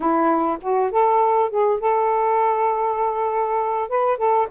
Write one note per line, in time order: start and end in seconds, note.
0.00 0.58 E4
0.61 0.91 F#4
0.91 1.49 A4
1.49 1.79 G#4
1.80 3.88 A4
3.88 4.17 B4
4.17 4.47 A4